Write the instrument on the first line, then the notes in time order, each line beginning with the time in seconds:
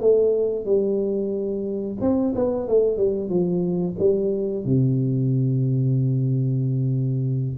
tuba
0.00 A3
0.65 G3
2.01 C4
2.35 B3
2.68 A3
2.97 G3
3.29 F3
3.99 G3
4.65 C3